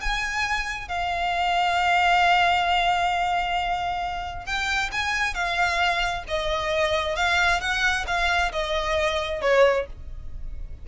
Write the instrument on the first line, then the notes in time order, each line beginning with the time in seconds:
violin
0.00 G#5
0.88 F5
4.45 G5
4.92 G#5
5.34 F5
6.27 D#5
7.15 F5
7.60 F#5
8.07 F5
8.52 D#5
9.41 C#5